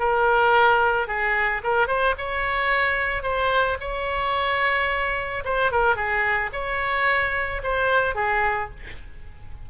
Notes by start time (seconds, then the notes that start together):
0.00 A#4
1.08 G#4
1.64 A#4
1.88 C5
2.18 C#5
3.23 C5
3.81 C#5
5.45 C5
5.72 A#4
5.96 G#4
6.53 C#5
7.64 C5
8.15 G#4